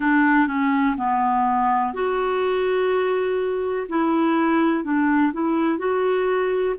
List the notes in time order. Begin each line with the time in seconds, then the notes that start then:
0.00 D4
0.47 C#4
0.97 B3
1.93 F#4
3.88 E4
4.84 D4
5.32 E4
5.78 F#4